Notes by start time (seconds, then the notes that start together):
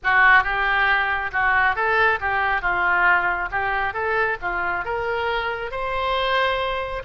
0.03 F#4
0.43 G4
1.31 F#4
1.75 A4
2.20 G4
2.61 F4
3.51 G4
3.93 A4
4.41 F4
4.84 A#4
5.71 C5